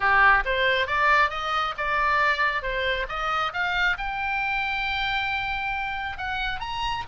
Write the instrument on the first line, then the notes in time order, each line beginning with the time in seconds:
oboe
0.00 G4
0.45 C5
0.86 D5
1.30 D#5
1.77 D5
2.62 C5
3.08 D#5
3.53 F5
3.97 G5
6.17 F#5
6.60 A#5